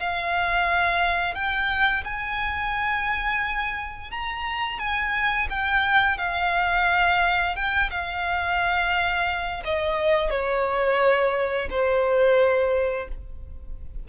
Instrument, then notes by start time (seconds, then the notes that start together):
violin
0.00 F5
1.35 G5
2.05 G#5
4.12 A#5
4.79 G#5
5.50 G5
6.18 F5
7.56 G5
7.91 F5
9.65 D#5
10.31 C#5
11.71 C5